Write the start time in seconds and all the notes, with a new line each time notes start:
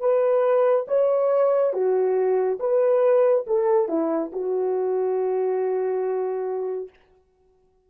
0.00 B4
0.88 C#5
1.73 F#4
2.59 B4
3.47 A4
3.88 E4
4.32 F#4